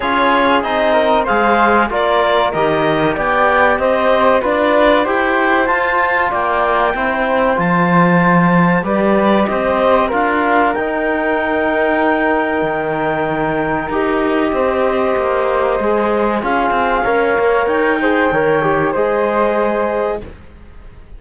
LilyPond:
<<
  \new Staff \with { instrumentName = "clarinet" } { \time 4/4 \tempo 4 = 95 cis''4 dis''4 f''4 d''4 | dis''4 g''4 dis''4 d''4 | g''4 a''4 g''2 | a''2 d''4 dis''4 |
f''4 g''2.~ | g''2 dis''2~ | dis''2 f''2 | g''2 dis''2 | }
  \new Staff \with { instrumentName = "flute" } { \time 4/4 gis'4. ais'8 c''4 ais'4~ | ais'4 d''4 c''4 b'4 | c''2 d''4 c''4~ | c''2 b'4 c''4 |
ais'1~ | ais'2. c''4~ | c''2 gis'4 cis''4~ | cis''8 c''8 cis''4 c''2 | }
  \new Staff \with { instrumentName = "trombone" } { \time 4/4 f'4 dis'4 gis'4 f'4 | g'2. f'4 | g'4 f'2 e'4 | f'2 g'2 |
f'4 dis'2.~ | dis'2 g'2~ | g'4 gis'4 f'4 ais'4~ | ais'8 gis'8 ais'8 g'8 gis'2 | }
  \new Staff \with { instrumentName = "cello" } { \time 4/4 cis'4 c'4 gis4 ais4 | dis4 b4 c'4 d'4 | e'4 f'4 ais4 c'4 | f2 g4 c'4 |
d'4 dis'2. | dis2 dis'4 c'4 | ais4 gis4 cis'8 c'8 cis'8 ais8 | dis'4 dis4 gis2 | }
>>